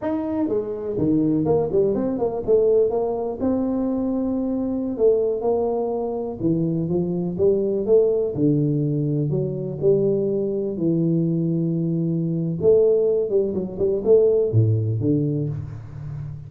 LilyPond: \new Staff \with { instrumentName = "tuba" } { \time 4/4 \tempo 4 = 124 dis'4 gis4 dis4 ais8 g8 | c'8 ais8 a4 ais4 c'4~ | c'2~ c'16 a4 ais8.~ | ais4~ ais16 e4 f4 g8.~ |
g16 a4 d2 fis8.~ | fis16 g2 e4.~ e16~ | e2 a4. g8 | fis8 g8 a4 a,4 d4 | }